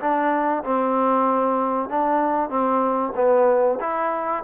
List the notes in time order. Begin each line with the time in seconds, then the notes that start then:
0.00 D4
0.63 C4
1.89 D4
2.50 C4
3.16 B3
3.80 E4